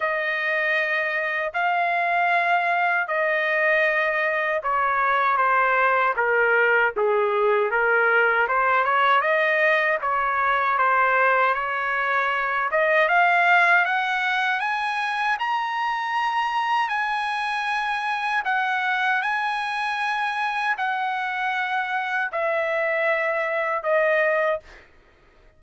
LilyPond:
\new Staff \with { instrumentName = "trumpet" } { \time 4/4 \tempo 4 = 78 dis''2 f''2 | dis''2 cis''4 c''4 | ais'4 gis'4 ais'4 c''8 cis''8 | dis''4 cis''4 c''4 cis''4~ |
cis''8 dis''8 f''4 fis''4 gis''4 | ais''2 gis''2 | fis''4 gis''2 fis''4~ | fis''4 e''2 dis''4 | }